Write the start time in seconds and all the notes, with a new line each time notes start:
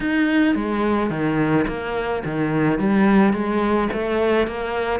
0.00 D#4
0.55 G#3
1.10 D#3
1.67 A#3
2.24 D#3
2.79 G3
3.33 G#3
3.92 A3
4.47 A#3